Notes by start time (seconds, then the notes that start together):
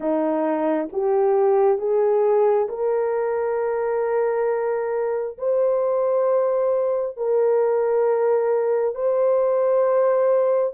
0.00 D#4
0.92 G4
1.78 G#4
2.69 A#4
5.38 C5
7.16 A#4
8.94 C5